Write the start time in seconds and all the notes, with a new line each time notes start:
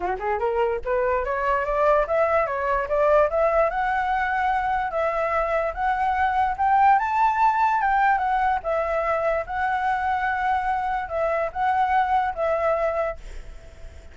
0.00 F#4
0.19 G#4
0.39 A#4
0.84 B4
1.24 C#5
1.65 D5
2.07 E5
2.46 C#5
2.88 D5
3.30 E5
3.70 F#5
4.91 E5
5.73 F#5
6.57 G5
6.98 A5
7.81 G5
8.18 F#5
8.63 E5
9.46 F#5
11.08 E5
11.52 F#5
12.35 E5